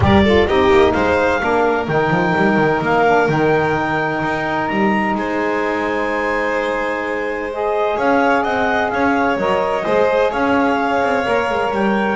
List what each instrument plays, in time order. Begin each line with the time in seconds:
0.00 double bass G3, saxophone G4, violin A#4, clarinet D5
0.24 saxophone F4, violin A4
0.47 double bass C4, saxophone D#4, violin G4, clarinet D#5
0.70 double bass A#3
0.91 double bass G#3, violin C5, clarinet F5
1.40 double bass A#3, saxophone D4, violin A#4
1.87 double bass D#3, saxophone D#4, clarinet G5
2.10 double bass F3
2.35 double bass G3
2.56 double bass D#3
2.81 double bass A#3, clarinet F5
3.05 saxophone D4
3.28 double bass D#3, saxophone D#4, clarinet G5
4.23 double bass D#4
4.67 double bass G3, clarinet A#5
5.15 double bass G#3, violin C5, clarinet G#5
7.51 saxophone G#4, clarinet D#5
7.96 double bass C#4, violin C#5, clarinet F5
8.43 double bass C4, violin D#5, clarinet F#5
8.89 double bass C#4, violin C#5, clarinet F5
9.37 double bass F#3, saxophone A#4, clarinet D#5
9.82 double bass G#3, saxophone G#4, violin C5
10.31 double bass C#4, violin C#5, clarinet F5
11.02 double bass C4
11.25 double bass A#3, saxophone A#4
11.50 double bass G#3
11.71 double bass G3, clarinet G5